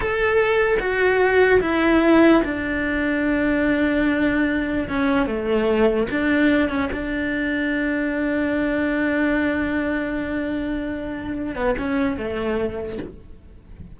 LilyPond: \new Staff \with { instrumentName = "cello" } { \time 4/4 \tempo 4 = 148 a'2 fis'2 | e'2 d'2~ | d'1 | cis'4 a2 d'4~ |
d'8 cis'8 d'2.~ | d'1~ | d'1~ | d'8 b8 cis'4 a2 | }